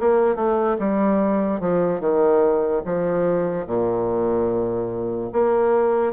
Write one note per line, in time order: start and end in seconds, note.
0.00 0.35 A#3
0.35 0.77 A3
0.79 1.61 G3
1.61 2.00 F3
2.00 2.82 D#3
2.85 3.67 F3
3.67 5.31 A#2
5.33 6.13 A#3